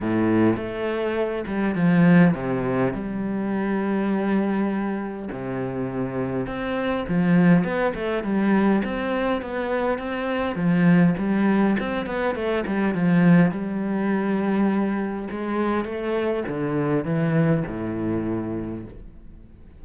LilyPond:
\new Staff \with { instrumentName = "cello" } { \time 4/4 \tempo 4 = 102 a,4 a4. g8 f4 | c4 g2.~ | g4 c2 c'4 | f4 b8 a8 g4 c'4 |
b4 c'4 f4 g4 | c'8 b8 a8 g8 f4 g4~ | g2 gis4 a4 | d4 e4 a,2 | }